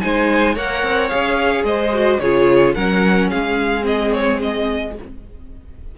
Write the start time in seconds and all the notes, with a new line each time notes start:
0.00 G#3 D#4 C5 G#5
0.54 A#3 A#4 C#5 F#5
0.83 C4
1.09 C#4 G#4 F5
1.63 G#3 C5 D#5
1.93 F#4
2.19 C#3 F4 G#4 C#5
2.74 F#3 C#4 A#4 F#5
3.29 G#3 G#4 F5
3.81 C4 D#5
4.12 C#5
4.42 D#5